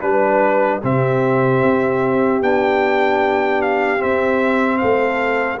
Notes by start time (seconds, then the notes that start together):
0.00 G3 D4 B4
0.80 C3 C4 G4 E5
1.62 C4
2.41 B3 D4 G5
3.61 F5
3.98 C4 E5
4.78 A3 A4 F5